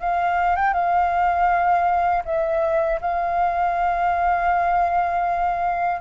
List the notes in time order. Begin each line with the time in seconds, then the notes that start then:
0.00 F5
0.56 G5
0.73 F5
2.25 E5
3.01 F5